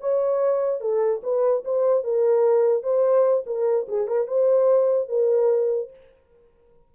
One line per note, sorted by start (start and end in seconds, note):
0.00 0.80 C#5
0.80 1.21 A4
1.23 1.63 B4
1.64 2.03 C5
2.03 2.83 A#4
2.83 3.44 C5
3.46 3.87 A#4
3.88 4.07 G#4
4.07 4.27 A#4
4.27 5.08 C5
5.08 5.90 A#4